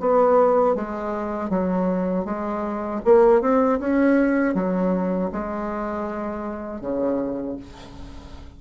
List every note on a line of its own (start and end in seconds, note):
0.00 0.75 B3
0.75 1.49 G#3
1.49 2.25 F#3
2.25 3.01 G#3
3.05 3.41 A#3
3.41 3.79 C4
3.80 4.55 C#4
4.55 5.31 F#3
5.32 6.81 G#3
6.81 7.57 C#3